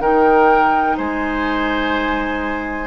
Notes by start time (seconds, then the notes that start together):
0.00 D#3 D#4 A#4 G5
0.98 G#3 C5 G#5